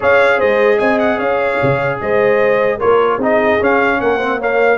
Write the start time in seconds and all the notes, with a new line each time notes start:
0.00 C#4 G#4 C#5 F5
0.37 G#3 C5 D#5
0.78 C4 D#5 G#5
0.99 F#5
1.18 C#4 C#5 F5
1.62 C#3
2.01 G#3 C5 D#5
2.77 A#3 F4 A#4 C#5
3.17 C4 D#4 G#4
3.23 D#5
3.60 C#4 F5
4.00 A#3 A#4 F#5
4.16 C4 C5
4.38 A#3 C#5 F5